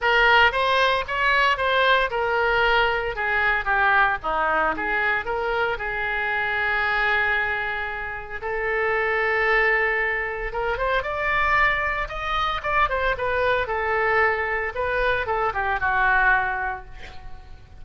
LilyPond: \new Staff \with { instrumentName = "oboe" } { \time 4/4 \tempo 4 = 114 ais'4 c''4 cis''4 c''4 | ais'2 gis'4 g'4 | dis'4 gis'4 ais'4 gis'4~ | gis'1 |
a'1 | ais'8 c''8 d''2 dis''4 | d''8 c''8 b'4 a'2 | b'4 a'8 g'8 fis'2 | }